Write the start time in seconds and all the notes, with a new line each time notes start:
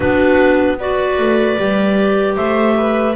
0.00 B3 D4 F#4 B4
0.78 F#4 B4 D5
1.18 A3
1.57 G3 G4
2.36 A3 C5 E5
2.77 B4